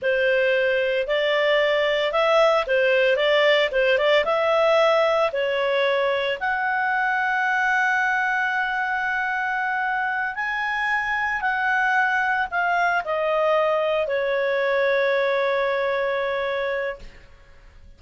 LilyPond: \new Staff \with { instrumentName = "clarinet" } { \time 4/4 \tempo 4 = 113 c''2 d''2 | e''4 c''4 d''4 c''8 d''8 | e''2 cis''2 | fis''1~ |
fis''2.~ fis''8 gis''8~ | gis''4. fis''2 f''8~ | f''8 dis''2 cis''4.~ | cis''1 | }